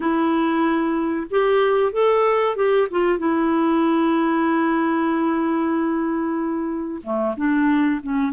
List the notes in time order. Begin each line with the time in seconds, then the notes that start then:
0.00 E4
1.30 G4
1.92 A4
2.56 G4
2.90 F4
3.18 E4
7.03 A3
7.36 D4
8.03 C#4